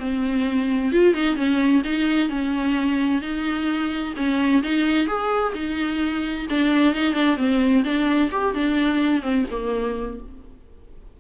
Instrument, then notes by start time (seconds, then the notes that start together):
viola
0.00 C4
0.92 F4
1.15 D#4
1.37 C#4
1.84 D#4
2.30 C#4
3.22 D#4
4.17 C#4
4.63 D#4
5.07 G#4
5.55 D#4
6.50 D4
6.95 D#4
7.14 D4
7.37 C4
7.85 D4
8.32 G4
8.55 D4
9.22 C4
9.51 A#3